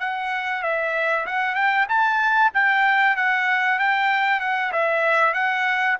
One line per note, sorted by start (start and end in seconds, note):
0.00 0.63 F#5
0.63 1.26 E5
1.26 1.55 F#5
1.55 1.87 G5
1.89 2.52 A5
2.54 3.16 G5
3.16 3.79 F#5
3.79 4.40 G5
4.40 4.72 F#5
4.72 5.34 E5
5.34 5.97 F#5